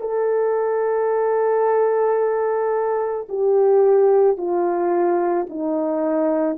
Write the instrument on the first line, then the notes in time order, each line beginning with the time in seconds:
horn
0.00 A4
3.29 G4
4.37 F4
5.49 D#4